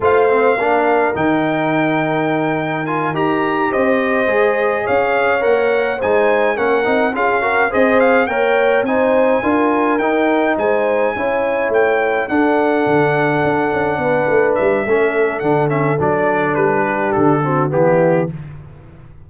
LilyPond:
<<
  \new Staff \with { instrumentName = "trumpet" } { \time 4/4 \tempo 4 = 105 f''2 g''2~ | g''4 gis''8 ais''4 dis''4.~ | dis''8 f''4 fis''4 gis''4 fis''8~ | fis''8 f''4 dis''8 f''8 g''4 gis''8~ |
gis''4. g''4 gis''4.~ | gis''8 g''4 fis''2~ fis''8~ | fis''4. e''4. fis''8 e''8 | d''4 b'4 a'4 g'4 | }
  \new Staff \with { instrumentName = "horn" } { \time 4/4 c''4 ais'2.~ | ais'2~ ais'8 c''4.~ | c''8 cis''2 c''4 ais'8~ | ais'8 gis'8 ais'8 c''4 cis''4 c''8~ |
c''8 ais'2 c''4 cis''8~ | cis''4. a'2~ a'8~ | a'8 b'4. a'2~ | a'4. g'4 fis'8 e'4 | }
  \new Staff \with { instrumentName = "trombone" } { \time 4/4 f'8 c'8 d'4 dis'2~ | dis'4 f'8 g'2 gis'8~ | gis'4. ais'4 dis'4 cis'8 | dis'8 f'8 fis'8 gis'4 ais'4 dis'8~ |
dis'8 f'4 dis'2 e'8~ | e'4. d'2~ d'8~ | d'2 cis'4 d'8 cis'8 | d'2~ d'8 c'8 b4 | }
  \new Staff \with { instrumentName = "tuba" } { \time 4/4 a4 ais4 dis2~ | dis4. dis'4 c'4 gis8~ | gis8 cis'4 ais4 gis4 ais8 | c'8 cis'4 c'4 ais4 c'8~ |
c'8 d'4 dis'4 gis4 cis'8~ | cis'8 a4 d'4 d4 d'8 | cis'8 b8 a8 g8 a4 d4 | fis4 g4 d4 e4 | }
>>